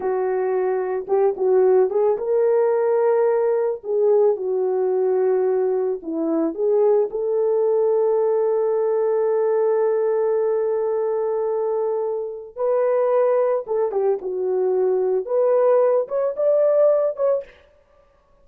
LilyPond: \new Staff \with { instrumentName = "horn" } { \time 4/4 \tempo 4 = 110 fis'2 g'8 fis'4 gis'8 | ais'2. gis'4 | fis'2. e'4 | gis'4 a'2.~ |
a'1~ | a'2. b'4~ | b'4 a'8 g'8 fis'2 | b'4. cis''8 d''4. cis''8 | }